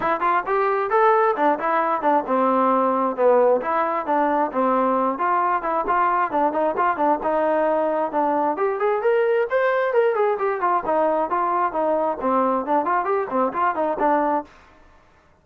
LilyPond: \new Staff \with { instrumentName = "trombone" } { \time 4/4 \tempo 4 = 133 e'8 f'8 g'4 a'4 d'8 e'8~ | e'8 d'8 c'2 b4 | e'4 d'4 c'4. f'8~ | f'8 e'8 f'4 d'8 dis'8 f'8 d'8 |
dis'2 d'4 g'8 gis'8 | ais'4 c''4 ais'8 gis'8 g'8 f'8 | dis'4 f'4 dis'4 c'4 | d'8 f'8 g'8 c'8 f'8 dis'8 d'4 | }